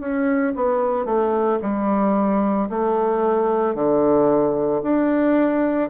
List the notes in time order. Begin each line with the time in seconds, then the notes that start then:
0.00 C#4
0.56 B3
1.05 A3
1.62 G3
2.70 A3
3.75 D3
4.83 D4